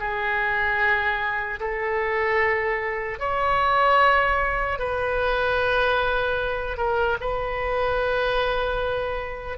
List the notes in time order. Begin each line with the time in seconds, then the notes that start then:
0.00 G#4
1.60 A4
3.20 C#5
4.79 B4
6.77 A#4
7.21 B4